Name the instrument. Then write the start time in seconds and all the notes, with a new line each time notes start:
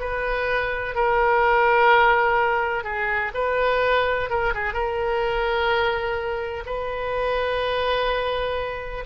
oboe
0.00 B4
0.95 A#4
2.84 G#4
3.35 B4
4.30 A#4
4.55 G#4
4.74 A#4
6.66 B4